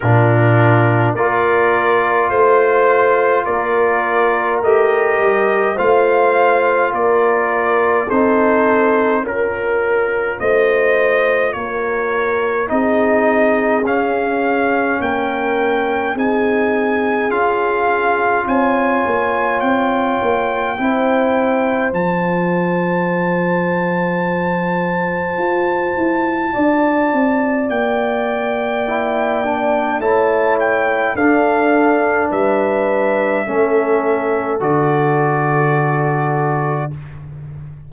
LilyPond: <<
  \new Staff \with { instrumentName = "trumpet" } { \time 4/4 \tempo 4 = 52 ais'4 d''4 c''4 d''4 | dis''4 f''4 d''4 c''4 | ais'4 dis''4 cis''4 dis''4 | f''4 g''4 gis''4 f''4 |
gis''4 g''2 a''4~ | a''1 | g''2 a''8 g''8 f''4 | e''2 d''2 | }
  \new Staff \with { instrumentName = "horn" } { \time 4/4 f'4 ais'4 c''4 ais'4~ | ais'4 c''4 ais'4 a'4 | ais'4 c''4 ais'4 gis'4~ | gis'4 ais'4 gis'2 |
cis''2 c''2~ | c''2. d''4~ | d''2 cis''4 a'4 | b'4 a'2. | }
  \new Staff \with { instrumentName = "trombone" } { \time 4/4 d'4 f'2. | g'4 f'2 dis'4 | f'2. dis'4 | cis'2 dis'4 f'4~ |
f'2 e'4 f'4~ | f'1~ | f'4 e'8 d'8 e'4 d'4~ | d'4 cis'4 fis'2 | }
  \new Staff \with { instrumentName = "tuba" } { \time 4/4 ais,4 ais4 a4 ais4 | a8 g8 a4 ais4 c'4 | cis'4 a4 ais4 c'4 | cis'4 ais4 c'4 cis'4 |
c'8 ais8 c'8 ais8 c'4 f4~ | f2 f'8 e'8 d'8 c'8 | ais2 a4 d'4 | g4 a4 d2 | }
>>